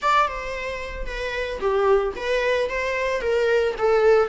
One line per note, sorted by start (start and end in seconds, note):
0.01 0.28 D5
0.28 1.06 C5
1.06 1.59 B4
1.60 2.13 G4
2.16 2.69 B4
2.69 3.21 C5
3.21 3.75 A#4
3.77 4.28 A4